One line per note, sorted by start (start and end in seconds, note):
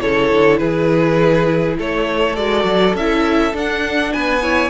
0.00 0.31 C#3
0.00 2.35 E4
0.00 0.59 A4
0.00 0.57 C#5
0.31 0.60 D3
0.57 1.78 E3
0.57 1.77 G#4
0.57 1.75 B4
1.78 2.37 A3
1.78 4.13 A4
1.78 2.36 C#5
2.36 2.64 G#3
2.36 2.96 F#4
2.36 2.95 D5
2.64 2.93 F#3
2.94 3.53 C#4
2.94 3.53 E4
2.94 3.55 E5
3.53 4.12 D4
3.53 4.42 D4
3.53 4.13 F#5
4.13 4.70 B3
4.13 4.42 B4
4.13 4.70 G#5
4.42 4.70 E4
4.42 4.70 C#5